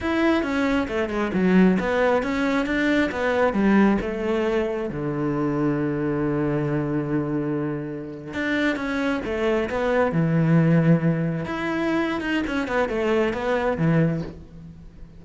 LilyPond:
\new Staff \with { instrumentName = "cello" } { \time 4/4 \tempo 4 = 135 e'4 cis'4 a8 gis8 fis4 | b4 cis'4 d'4 b4 | g4 a2 d4~ | d1~ |
d2~ d8. d'4 cis'16~ | cis'8. a4 b4 e4~ e16~ | e4.~ e16 e'4.~ e'16 dis'8 | cis'8 b8 a4 b4 e4 | }